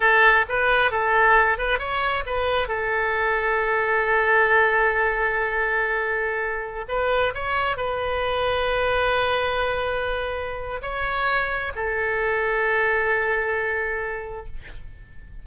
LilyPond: \new Staff \with { instrumentName = "oboe" } { \time 4/4 \tempo 4 = 133 a'4 b'4 a'4. b'8 | cis''4 b'4 a'2~ | a'1~ | a'2.~ a'16 b'8.~ |
b'16 cis''4 b'2~ b'8.~ | b'1 | cis''2 a'2~ | a'1 | }